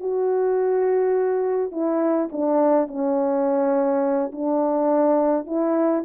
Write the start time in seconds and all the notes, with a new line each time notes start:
0.00 F#4
1.72 E4
2.32 D4
2.87 C#4
4.32 D4
5.46 E4